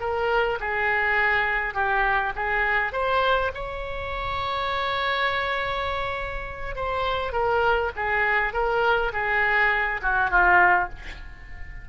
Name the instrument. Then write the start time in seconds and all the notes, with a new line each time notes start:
oboe
0.00 A#4
0.60 G#4
1.74 G4
2.36 G#4
2.93 C5
3.54 C#5
6.75 C5
7.32 A#4
7.96 G#4
8.53 A#4
9.13 G#4
10.02 F#4
10.30 F4